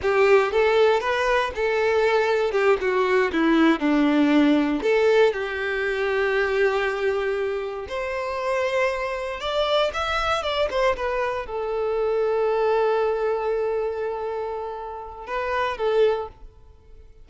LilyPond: \new Staff \with { instrumentName = "violin" } { \time 4/4 \tempo 4 = 118 g'4 a'4 b'4 a'4~ | a'4 g'8 fis'4 e'4 d'8~ | d'4. a'4 g'4.~ | g'2.~ g'8 c''8~ |
c''2~ c''8 d''4 e''8~ | e''8 d''8 c''8 b'4 a'4.~ | a'1~ | a'2 b'4 a'4 | }